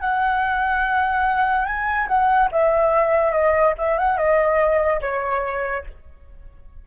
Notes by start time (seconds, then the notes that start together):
0.00 F#5
1.65 G#5
2.07 F#5
2.52 E5
3.32 D#5
3.78 E5
3.98 F#5
4.17 D#5
5.00 C#5